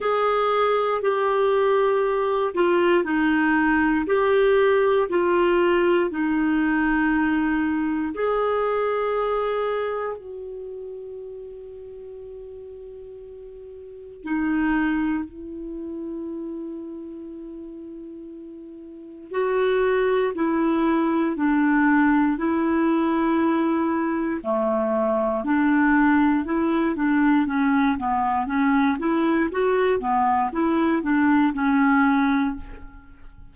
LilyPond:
\new Staff \with { instrumentName = "clarinet" } { \time 4/4 \tempo 4 = 59 gis'4 g'4. f'8 dis'4 | g'4 f'4 dis'2 | gis'2 fis'2~ | fis'2 dis'4 e'4~ |
e'2. fis'4 | e'4 d'4 e'2 | a4 d'4 e'8 d'8 cis'8 b8 | cis'8 e'8 fis'8 b8 e'8 d'8 cis'4 | }